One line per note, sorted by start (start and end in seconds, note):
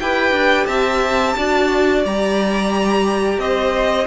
0.00 0.32 E4
0.00 1.38 G4
0.00 0.67 B4
0.00 0.66 G5
0.32 0.66 D4
0.66 1.35 C4
0.66 1.36 E5
0.66 2.03 A5
1.37 2.05 D4
1.37 2.06 F#4
1.37 3.41 D5
2.05 3.38 G3
2.05 4.07 G4
2.05 3.39 A#5
3.38 4.06 C4
3.38 4.07 C5
3.38 4.07 D#5